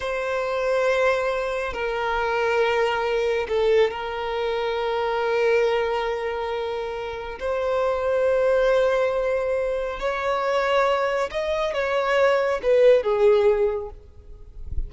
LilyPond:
\new Staff \with { instrumentName = "violin" } { \time 4/4 \tempo 4 = 138 c''1 | ais'1 | a'4 ais'2.~ | ais'1~ |
ais'4 c''2.~ | c''2. cis''4~ | cis''2 dis''4 cis''4~ | cis''4 b'4 gis'2 | }